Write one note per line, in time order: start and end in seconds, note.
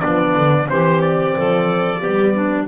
0.00 0.35 F3
0.00 0.65 B3
0.00 0.67 D4
0.00 0.67 D5
0.35 0.69 D3
0.65 1.36 E3
0.65 1.99 C4
0.65 1.37 G4
0.65 1.01 C5
1.01 2.67 D5
1.37 2.04 F3
1.37 2.00 A4
2.00 2.67 G3
2.00 2.67 B3
2.00 2.33 G4
2.34 2.67 D4